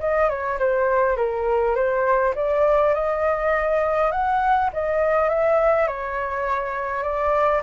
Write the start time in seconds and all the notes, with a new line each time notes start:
0.00 D#5
0.29 C#5
0.59 C5
1.17 A#4
1.76 C5
2.36 D5
2.94 D#5
4.12 F#5
4.73 D#5
5.29 E5
5.88 C#5
7.03 D5